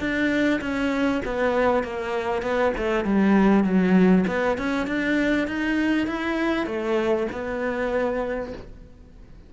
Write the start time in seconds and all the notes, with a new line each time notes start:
0.00 D4
0.62 C#4
1.26 B3
1.84 A#3
2.43 B3
2.78 A3
3.05 G3
3.64 F#3
4.28 B3
4.58 C#4
4.87 D4
5.48 D#4
6.07 E4
6.67 A3
7.32 B3